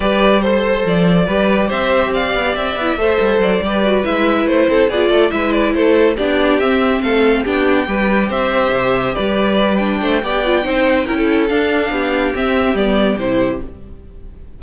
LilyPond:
<<
  \new Staff \with { instrumentName = "violin" } { \time 4/4 \tempo 4 = 141 d''4 c''4 d''2 | e''4 f''4 e''2 | d''4. e''4 c''4 d''8~ | d''8 e''8 d''8 c''4 d''4 e''8~ |
e''8 f''4 g''2 e''8~ | e''4. d''4. g''4~ | g''2. f''4~ | f''4 e''4 d''4 c''4 | }
  \new Staff \with { instrumentName = "violin" } { \time 4/4 b'4 c''2 b'4 | c''4 d''2 c''4~ | c''8 b'2~ b'8 a'8 gis'8 | a'8 b'4 a'4 g'4.~ |
g'8 a'4 g'4 b'4 c''8~ | c''4. b'2 c''8 | d''4 c''4 ais'16 a'4.~ a'16 | g'1 | }
  \new Staff \with { instrumentName = "viola" } { \time 4/4 g'4 a'2 g'4~ | g'2~ g'8 e'8 a'4~ | a'8 g'8 fis'8 e'2 f'8~ | f'8 e'2 d'4 c'8~ |
c'4. d'4 g'4.~ | g'2. d'4 | g'8 f'8 dis'4 e'4 d'4~ | d'4 c'4 b4 e'4 | }
  \new Staff \with { instrumentName = "cello" } { \time 4/4 g2 f4 g4 | c'4. b8 c'8 b8 a8 g8 | fis8 g4 gis4 a8 c'8 b8 | a8 gis4 a4 b4 c'8~ |
c'8 a4 b4 g4 c'8~ | c'8 c4 g2 a8 | b4 c'4 cis'4 d'4 | b4 c'4 g4 c4 | }
>>